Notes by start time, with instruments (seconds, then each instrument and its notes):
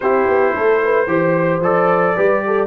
0.00 tuba C4, trombone E4, horn G4, trumpet C5
0.27 tuba B3
0.55 tuba A3, horn A4
0.84 horn B4
1.06 tuba E3, trombone G4, horn C5
1.60 tuba F3, trombone A4, trumpet D5
2.15 tuba G3, trombone G4, horn B4
2.46 horn A4